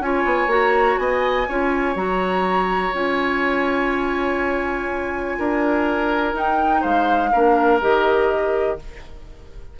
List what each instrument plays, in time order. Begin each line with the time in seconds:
0.00 bassoon C#4, clarinet F4, oboe C#5, flute G#5
0.24 bassoon B3
0.47 bassoon A#3, clarinet F#4, flute A#5
0.98 bassoon B3, oboe D#5, flute G#5
1.48 bassoon C#4, clarinet F4, oboe C#5
1.95 bassoon F#3, clarinet F#4, flute A#5
2.93 bassoon C#4, clarinet F4, flute G#5
5.39 bassoon D4, oboe A#4
6.34 bassoon D#4, clarinet D#4, flute G5
6.81 bassoon G#3, oboe C5, flute F5
7.32 bassoon A#3, clarinet D4, oboe A#4
7.81 bassoon D#3, clarinet G4, flute D#5